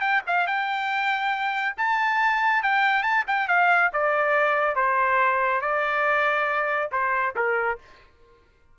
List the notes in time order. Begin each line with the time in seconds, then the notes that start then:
0.00 G5
0.27 F5
0.47 G5
1.77 A5
2.63 G5
3.03 A5
3.27 G5
3.48 F5
3.93 D5
4.76 C5
5.61 D5
6.92 C5
7.35 A#4